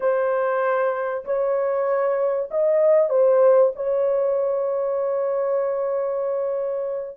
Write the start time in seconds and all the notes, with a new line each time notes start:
0.00 C5
1.24 C#5
2.50 D#5
3.09 C5
3.75 C#5